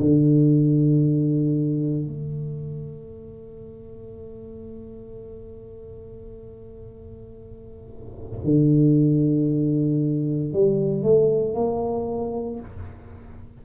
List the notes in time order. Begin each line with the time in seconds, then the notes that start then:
0.00 D3
2.08 A3
8.44 D3
10.54 G3
11.03 A3
11.55 A#3